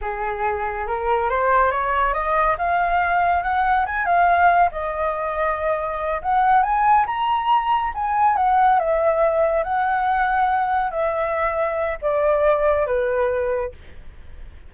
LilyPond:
\new Staff \with { instrumentName = "flute" } { \time 4/4 \tempo 4 = 140 gis'2 ais'4 c''4 | cis''4 dis''4 f''2 | fis''4 gis''8 f''4. dis''4~ | dis''2~ dis''8 fis''4 gis''8~ |
gis''8 ais''2 gis''4 fis''8~ | fis''8 e''2 fis''4.~ | fis''4. e''2~ e''8 | d''2 b'2 | }